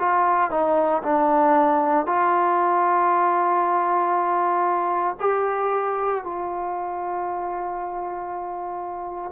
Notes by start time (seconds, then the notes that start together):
0.00 F4
0.51 D#4
1.03 D4
2.06 F4
5.21 G4
6.24 F4